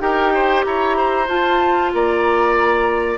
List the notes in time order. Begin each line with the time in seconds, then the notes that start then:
0.00 D#4 G4 A#4 G5
0.34 C5
0.64 E4 C#5 A#5
0.97 C5
1.28 F4 A5
1.93 A#3 D5 A#5